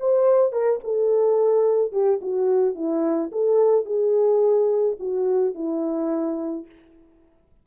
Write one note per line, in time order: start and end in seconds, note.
0.00 0.52 C5
0.52 0.80 A#4
0.84 1.92 A4
1.92 2.20 G4
2.21 2.75 F#4
2.75 3.30 E4
3.32 3.85 A4
3.85 4.96 G#4
4.99 5.55 F#4
5.55 6.66 E4